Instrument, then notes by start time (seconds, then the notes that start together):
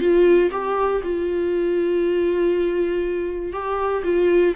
viola
0.00 F4
0.52 G4
1.04 F4
3.53 G4
4.04 F4